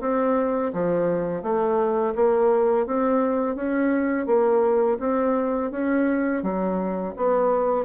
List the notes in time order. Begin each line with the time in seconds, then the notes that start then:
0.00 C4
0.73 F3
1.42 A3
2.15 A#3
2.86 C4
3.55 C#4
4.26 A#3
4.99 C4
5.71 C#4
6.42 F#3
7.16 B3